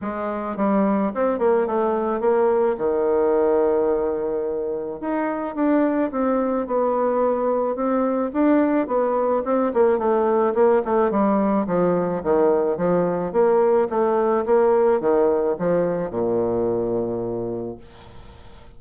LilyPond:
\new Staff \with { instrumentName = "bassoon" } { \time 4/4 \tempo 4 = 108 gis4 g4 c'8 ais8 a4 | ais4 dis2.~ | dis4 dis'4 d'4 c'4 | b2 c'4 d'4 |
b4 c'8 ais8 a4 ais8 a8 | g4 f4 dis4 f4 | ais4 a4 ais4 dis4 | f4 ais,2. | }